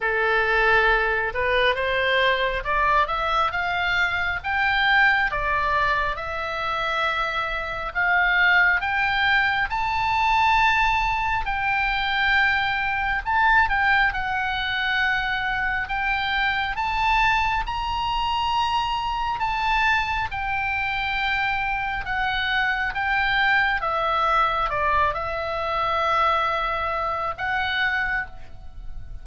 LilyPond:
\new Staff \with { instrumentName = "oboe" } { \time 4/4 \tempo 4 = 68 a'4. b'8 c''4 d''8 e''8 | f''4 g''4 d''4 e''4~ | e''4 f''4 g''4 a''4~ | a''4 g''2 a''8 g''8 |
fis''2 g''4 a''4 | ais''2 a''4 g''4~ | g''4 fis''4 g''4 e''4 | d''8 e''2~ e''8 fis''4 | }